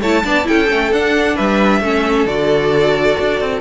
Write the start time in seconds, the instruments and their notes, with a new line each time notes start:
0.00 cello A3, viola E4, violin C#5 A5
0.23 cello B3, viola D4, violin D5
0.44 cello C#4, viola E4, violin A4 G5
0.68 cello A3, viola C#4
0.91 cello D4, viola D4, violin F#5
1.34 cello G3, violin B4 E5
1.81 cello A3, viola C#4, violin A4
2.25 cello D3, viola F#4, violin D5
3.19 cello D4
3.40 cello C4